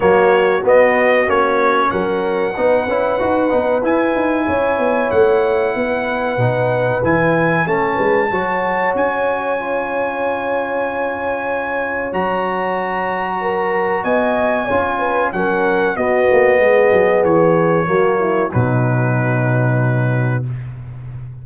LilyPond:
<<
  \new Staff \with { instrumentName = "trumpet" } { \time 4/4 \tempo 4 = 94 cis''4 dis''4 cis''4 fis''4~ | fis''2 gis''2 | fis''2. gis''4 | a''2 gis''2~ |
gis''2. ais''4~ | ais''2 gis''2 | fis''4 dis''2 cis''4~ | cis''4 b'2. | }
  \new Staff \with { instrumentName = "horn" } { \time 4/4 fis'2. ais'4 | b'2. cis''4~ | cis''4 b'2. | a'8 b'8 cis''2.~ |
cis''1~ | cis''4 ais'4 dis''4 cis''8 b'8 | ais'4 fis'4 gis'2 | fis'8 e'8 dis'2. | }
  \new Staff \with { instrumentName = "trombone" } { \time 4/4 ais4 b4 cis'2 | dis'8 e'8 fis'8 dis'8 e'2~ | e'2 dis'4 e'4 | cis'4 fis'2 f'4~ |
f'2. fis'4~ | fis'2. f'4 | cis'4 b2. | ais4 fis2. | }
  \new Staff \with { instrumentName = "tuba" } { \time 4/4 fis4 b4 ais4 fis4 | b8 cis'8 dis'8 b8 e'8 dis'8 cis'8 b8 | a4 b4 b,4 e4 | a8 gis8 fis4 cis'2~ |
cis'2. fis4~ | fis2 b4 cis'4 | fis4 b8 ais8 gis8 fis8 e4 | fis4 b,2. | }
>>